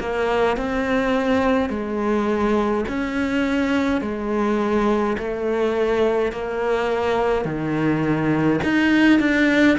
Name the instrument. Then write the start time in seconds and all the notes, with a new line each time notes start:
cello
0.00 A#3
0.57 C4
1.69 G#3
2.88 C#4
4.01 G#3
5.18 A3
6.32 A#3
7.45 D#3
8.64 D#4
9.20 D4